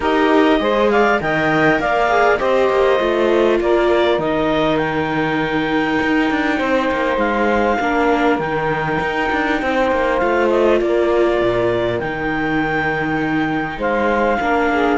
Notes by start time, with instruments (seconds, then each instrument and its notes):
0.00 cello D#4, viola G4, saxophone A#4, clarinet D#5
0.59 cello G#3, viola G#4, saxophone C5
0.90 saxophone D5, clarinet F5
1.19 cello D#3, viola A#4, saxophone D#5, clarinet G5
1.79 cello A#3, saxophone D5, clarinet F5
2.08 viola G#4
2.38 cello C4, viola G4, saxophone C5, clarinet D#5
2.69 cello A#3
2.99 cello A3, viola F4
3.60 cello A#3, saxophone A#4, clarinet D5
4.18 cello D#3, viola D#4, clarinet D#5
4.77 clarinet G5
6.02 cello D#4
6.30 cello D4
6.57 cello C4, saxophone C5
6.91 cello A#3
7.17 cello G#3, clarinet F5
7.80 cello A#3, viola D4, saxophone A#4
8.39 cello D#3, viola D#4, clarinet G5
9.00 cello D#4
9.31 cello D4
9.61 cello C4, saxophone C5
9.91 cello A#3
10.18 cello A3, viola F4, clarinet F5
10.49 clarinet D#5
10.80 cello A#3, saxophone A#4, clarinet D5
11.40 cello A#2
11.99 cello D#3, viola D#4, clarinet G5
13.77 cello G#3, saxophone C5, clarinet F5
14.40 cello A#3, viola D4, saxophone A#4
14.72 saxophone G#4